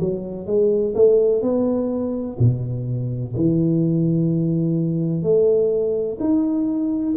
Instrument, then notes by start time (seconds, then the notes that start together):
tuba
0.00 F#3
0.47 G#3
0.95 A3
1.42 B3
2.39 B2
3.36 E3
5.23 A3
6.20 D#4